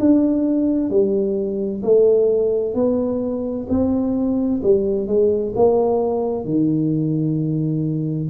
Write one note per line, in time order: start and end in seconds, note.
0.00 0.90 D4
0.90 1.83 G3
1.83 2.75 A3
2.75 3.67 B3
3.70 4.62 C4
4.63 5.08 G3
5.08 5.54 G#3
5.56 6.45 A#3
6.45 8.30 D#3